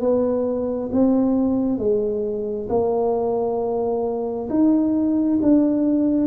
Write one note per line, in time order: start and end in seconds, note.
0.00 0.90 B3
0.92 1.78 C4
1.78 2.67 G#3
2.69 4.48 A#3
4.49 5.39 D#4
5.41 6.27 D4